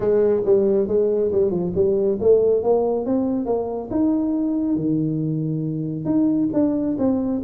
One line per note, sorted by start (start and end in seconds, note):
0.00 0.42 G#3
0.45 0.87 G3
0.87 1.31 G#3
1.32 1.50 G3
1.50 1.72 F3
1.75 2.18 G3
2.20 2.62 A3
2.62 3.05 A#3
3.05 3.45 C4
3.45 3.89 A#3
3.90 4.75 D#4
4.75 6.05 D#3
6.05 6.48 D#4
6.53 6.96 D4
6.98 7.41 C4